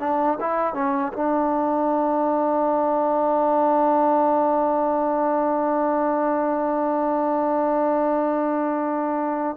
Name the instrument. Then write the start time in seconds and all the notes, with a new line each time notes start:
trombone
0.00 D4
0.41 E4
0.74 C#4
1.13 D4